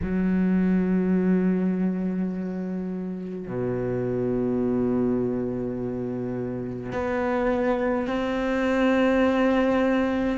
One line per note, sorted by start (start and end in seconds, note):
0.02 3.47 F#3
3.47 6.92 B2
6.92 8.07 B3
8.07 10.37 C4